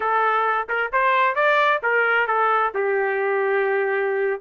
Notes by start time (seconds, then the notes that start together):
0.00 A4
0.68 A#4
0.92 C5
1.35 D5
1.82 A#4
2.27 A4
2.74 G4